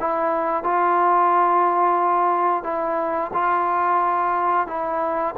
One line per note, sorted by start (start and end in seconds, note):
0.00 0.64 E4
0.64 2.64 F4
2.64 3.31 E4
3.33 4.67 F4
4.67 5.35 E4